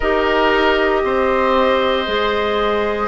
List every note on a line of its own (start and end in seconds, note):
0.00 1.03 D#4
0.00 2.06 G4
0.00 1.01 A#4
0.00 3.07 D#5
1.03 2.07 C4
1.03 3.07 C5
2.06 3.07 G#3
2.06 3.07 G#4